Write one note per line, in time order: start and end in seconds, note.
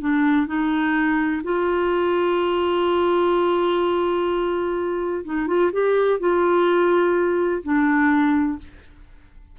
0.00 0.47 D4
0.47 1.42 D#4
1.44 5.24 F4
5.25 5.47 D#4
5.47 5.71 F4
5.72 6.19 G4
6.19 7.62 F4
7.63 8.58 D4